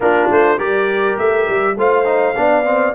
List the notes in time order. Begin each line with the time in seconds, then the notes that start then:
0.00 A#3 D4 F4 A#4
0.29 A3 C5
0.57 G3 G4 A#4 D5
1.18 A3 E5
1.48 G3
1.76 A3 F4 C5 F5
2.04 D#4
2.36 B3 D4 D5
2.64 C4